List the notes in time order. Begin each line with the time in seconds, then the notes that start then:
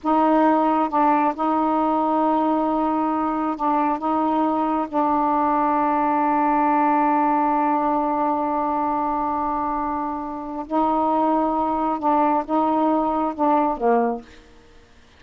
0.03 D#4
0.89 D4
1.35 D#4
3.56 D4
3.98 D#4
4.88 D4
10.66 D#4
11.99 D4
12.45 D#4
13.34 D4
13.77 A#3